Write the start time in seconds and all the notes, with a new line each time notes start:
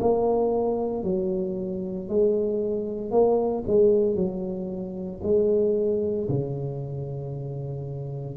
0.00 A#3
1.03 F#3
2.09 G#3
3.11 A#3
3.67 G#3
4.15 F#3
5.23 G#3
6.28 C#3